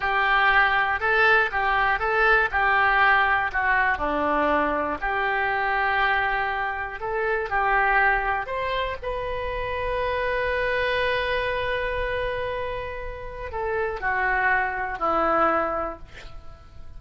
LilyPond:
\new Staff \with { instrumentName = "oboe" } { \time 4/4 \tempo 4 = 120 g'2 a'4 g'4 | a'4 g'2 fis'4 | d'2 g'2~ | g'2 a'4 g'4~ |
g'4 c''4 b'2~ | b'1~ | b'2. a'4 | fis'2 e'2 | }